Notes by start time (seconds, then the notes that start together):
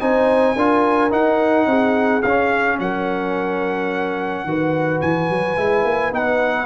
0.00 C4 D#4 C5 G#5
0.56 D4 F4 A#4
1.10 D#4 F#5
1.66 C4 G#4
2.22 C#4 F5
2.79 F#3 A#4 F#5
4.44 D#3 F#4 B4
5.01 E3 G#5
5.29 F#3
5.56 G#3 E4
5.84 A#3
6.11 B3 D#4 F#5